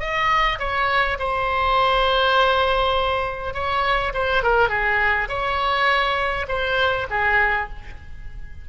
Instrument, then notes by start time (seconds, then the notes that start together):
oboe
0.00 D#5
0.59 C#5
1.19 C5
3.54 C#5
4.14 C5
4.43 A#4
4.69 G#4
5.29 C#5
6.48 C5
7.10 G#4